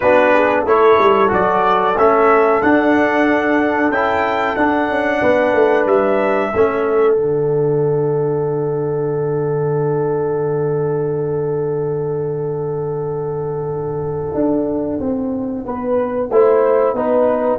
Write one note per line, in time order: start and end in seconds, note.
0.00 0.64 B3
0.00 0.66 D4
0.00 0.33 F#4
0.00 0.63 B4
0.33 0.61 G#4
0.61 0.97 A3
0.61 1.28 E4
0.61 5.18 A4
0.61 1.32 C#5
0.98 1.31 G3
1.28 1.96 F#3
1.28 1.93 F#4
1.28 1.98 D5
1.96 2.62 A3
1.96 2.62 C#4
1.96 2.62 E5
2.62 3.92 D4
2.62 3.90 D4
2.62 3.91 F#5
3.90 4.55 C#4
3.90 4.57 E4
3.90 4.56 G5
4.56 4.89 D4
4.56 6.52 D4
4.56 5.86 F#5
4.89 5.21 C#4
5.21 5.53 B3
5.21 6.51 B4
5.53 5.85 A3
5.85 6.51 G3
5.85 7.15 E5
6.54 7.16 A3
6.54 7.15 C#4
6.54 15.65 A4
7.15 14.34 D3
7.15 16.28 D4
7.15 17.59 F#5
14.34 14.99 D4
15.00 15.65 C4
15.65 16.29 B3
15.65 16.30 B4
16.29 16.93 A3
16.29 16.96 E4
16.29 16.96 C5
16.93 17.58 B3
16.93 17.59 D#4
16.93 17.59 B4